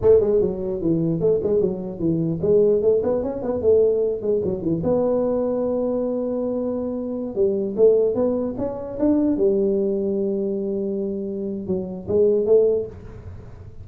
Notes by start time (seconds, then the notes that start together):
0.01 A3
0.20 G#3
0.40 F#3
0.81 E3
1.20 A3
1.43 G#3
1.60 F#3
1.99 E3
2.41 G#3
2.82 A3
3.03 B3
3.22 C#4
3.42 B3
3.61 A3
4.21 G#3
4.44 F#3
4.62 E3
4.83 B3
7.35 G3
7.76 A3
8.14 B3
8.58 C#4
8.99 D4
9.37 G3
11.66 F#3
12.08 G#3
12.45 A3